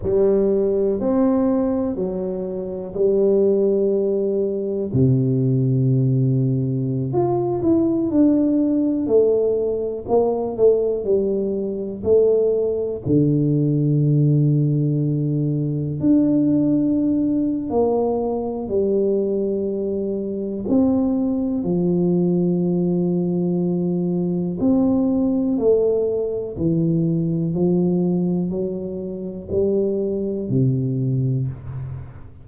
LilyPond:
\new Staff \with { instrumentName = "tuba" } { \time 4/4 \tempo 4 = 61 g4 c'4 fis4 g4~ | g4 c2~ c16 f'8 e'16~ | e'16 d'4 a4 ais8 a8 g8.~ | g16 a4 d2~ d8.~ |
d16 d'4.~ d'16 ais4 g4~ | g4 c'4 f2~ | f4 c'4 a4 e4 | f4 fis4 g4 c4 | }